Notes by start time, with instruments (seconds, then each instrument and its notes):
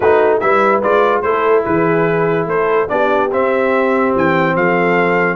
0.00 tuba A3, trombone D#4, horn F#4, trumpet B4
0.39 tuba G3, trombone E4, horn B4, trumpet E5
0.82 tuba G#3, trombone F4, trumpet D5
1.21 tuba A3, trombone E4, horn A4, trumpet C5
1.64 tuba E3, horn G#4, trumpet B4
2.46 tuba A3, horn A4, trumpet C5
2.88 tuba B3, trombone D4, horn G4, trumpet D5
3.31 tuba C4, trombone C4, trumpet E5
4.15 tuba E3, trumpet G5
4.55 tuba F3, horn A4, trumpet F5